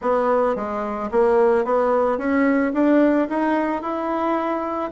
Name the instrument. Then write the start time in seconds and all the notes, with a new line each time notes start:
bassoon
0.01 B3
0.55 G#3
1.11 A#3
1.64 B3
2.18 C#4
2.73 D4
3.29 D#4
3.82 E4